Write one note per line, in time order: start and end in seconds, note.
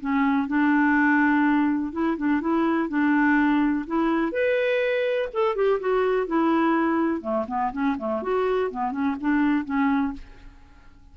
0.00 0.47 C#4
0.47 1.92 D4
1.92 2.16 E4
2.17 2.40 D4
2.40 2.88 E4
2.88 3.85 D4
3.87 4.32 E4
4.32 5.28 B4
5.33 5.55 A4
5.55 5.79 G4
5.80 6.26 F#4
6.26 7.21 E4
7.21 7.45 A3
7.47 7.72 B3
7.72 7.96 C#4
7.98 8.22 A3
8.22 8.70 F#4
8.71 8.91 B3
8.91 9.15 C#4
9.20 9.64 D4
9.64 10.13 C#4